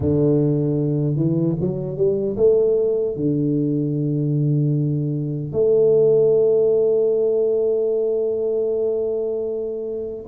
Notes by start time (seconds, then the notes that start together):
0.00 D3
1.16 E3
1.60 F#3
1.97 G3
2.36 A3
3.15 D3
5.52 A3